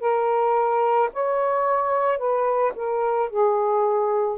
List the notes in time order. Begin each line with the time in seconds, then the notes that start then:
0.00 A#4
1.13 C#5
2.18 B4
2.75 A#4
3.29 G#4